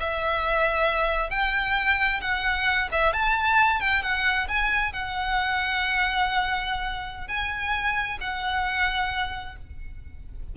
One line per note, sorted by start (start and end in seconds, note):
0.00 1.30 E5
1.30 2.21 G5
2.21 2.89 F#5
2.92 3.13 E5
3.13 3.80 A5
3.80 4.03 G5
4.03 4.48 F#5
4.48 4.93 G#5
4.93 7.28 F#5
7.28 8.18 G#5
8.21 9.56 F#5